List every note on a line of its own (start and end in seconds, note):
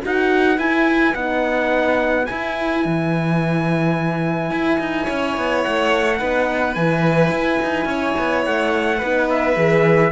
0.00 0.58 D#4
0.00 0.58 F#4
0.00 5.05 B4
0.06 0.59 F#5
0.58 1.14 E4
0.58 1.15 E4
0.58 1.14 G#5
1.14 2.27 B3
1.14 2.27 D#4
1.14 2.26 F#5
2.26 6.19 E4
2.26 2.85 E4
2.26 5.62 G#5
2.85 4.51 E3
4.51 4.79 E4
4.79 5.07 D#4
5.05 5.37 C#4
5.05 6.17 C#5
5.37 5.65 B3
5.63 6.21 A3
5.63 6.75 F#5
6.18 6.76 B3
6.18 6.75 D#4
6.18 7.87 B4
6.75 7.31 E3
6.75 9.01 E4
6.75 8.43 G#5
7.31 7.59 E4
7.63 7.85 D#4
7.85 8.13 C#4
7.85 8.98 C#5
8.19 8.46 B3
8.45 9.02 A3
8.45 9.29 F#5
8.98 9.56 B3
8.98 9.56 D#4
8.98 10.10 B4
9.30 10.12 E5
9.56 10.12 E3
9.56 10.12 G#4